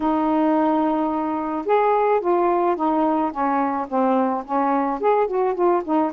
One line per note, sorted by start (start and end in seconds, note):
0.00 1.65 D#4
1.65 2.20 G#4
2.20 2.76 F4
2.76 3.31 D#4
3.31 3.87 C#4
3.88 4.44 C4
4.45 5.00 C#4
5.00 5.27 G#4
5.27 5.54 F#4
5.54 5.82 F4
5.84 6.12 D#4